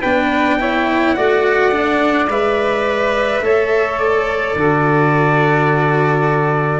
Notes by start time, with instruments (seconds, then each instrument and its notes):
0.00 tuba B3, cello D4, saxophone B4, trumpet G5
0.60 cello E4, saxophone C#5
1.14 tuba A3, cello F#4, saxophone D5, trumpet F#5
1.71 cello D4
2.27 tuba G#3, cello B4, trumpet E5
3.40 tuba A3, cello A4, saxophone C#5
3.99 trumpet D5
4.55 tuba D3, cello F#4, saxophone A4